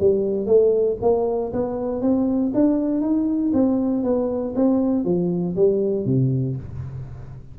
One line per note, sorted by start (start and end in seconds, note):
0.00 0.46 G3
0.46 0.97 A3
1.02 1.53 A#3
1.53 2.02 B3
2.02 2.52 C4
2.54 3.01 D4
3.01 3.52 D#4
3.54 4.04 C4
4.04 4.55 B3
4.56 5.05 C4
5.05 5.56 F3
5.56 6.06 G3
6.06 6.56 C3